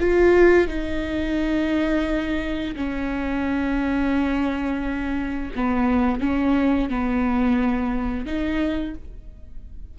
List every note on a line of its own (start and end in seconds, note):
0.00 0.68 F4
0.68 2.75 D#4
2.76 5.52 C#4
5.56 6.21 B3
6.21 6.90 C#4
6.90 8.26 B3
8.26 8.95 D#4